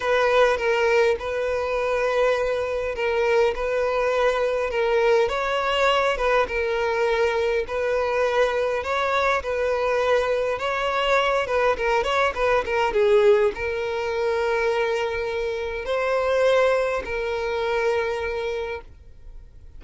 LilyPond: \new Staff \with { instrumentName = "violin" } { \time 4/4 \tempo 4 = 102 b'4 ais'4 b'2~ | b'4 ais'4 b'2 | ais'4 cis''4. b'8 ais'4~ | ais'4 b'2 cis''4 |
b'2 cis''4. b'8 | ais'8 cis''8 b'8 ais'8 gis'4 ais'4~ | ais'2. c''4~ | c''4 ais'2. | }